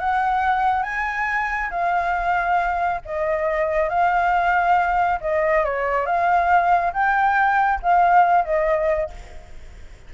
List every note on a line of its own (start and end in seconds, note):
0.00 0.84 F#5
0.84 1.71 G#5
1.71 3.01 F5
3.06 3.90 D#5
3.90 5.20 F5
5.21 5.65 D#5
5.65 6.07 C#5
6.07 6.93 F5
6.94 7.81 G5
7.83 8.45 F5
8.45 9.11 D#5